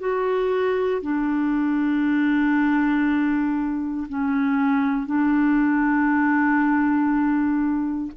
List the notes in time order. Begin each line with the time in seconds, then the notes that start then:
0.00 F#4
1.02 D4
4.09 C#4
5.07 D4